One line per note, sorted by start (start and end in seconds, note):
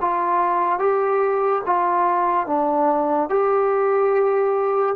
0.00 0.78 F4
0.78 1.62 G4
1.65 2.46 F4
2.46 3.29 D4
3.29 4.95 G4